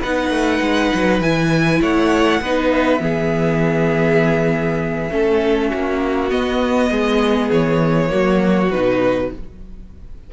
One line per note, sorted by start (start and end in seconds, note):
0.00 0.30 B3
0.00 1.22 D#4
0.00 1.80 B4
0.00 1.21 F#5
0.30 0.60 A3
0.61 0.91 G#3
0.94 1.20 F#3
1.20 1.80 E3
1.20 2.42 E4
1.20 1.81 G#5
1.81 2.41 A3
1.81 2.41 C#5
1.81 2.71 F#5
2.41 2.99 B3
2.41 2.99 D#4
2.41 3.01 B4
2.71 6.30 E5
2.99 5.09 E3
2.99 5.09 B3
2.99 5.12 G#4
5.10 5.71 A3
5.10 6.29 C#4
5.10 5.69 A4
5.69 6.31 A#3
5.69 6.89 F#4
6.29 8.09 B3
6.29 6.90 B3
6.29 7.50 D#5
6.90 7.50 G#3
6.90 8.10 G#4
7.51 8.11 E3
7.51 8.71 C#5
8.09 8.72 F#3
8.09 8.69 A#3
8.09 9.30 F#4
8.71 9.32 B2
8.71 9.33 D#4
8.71 9.31 B4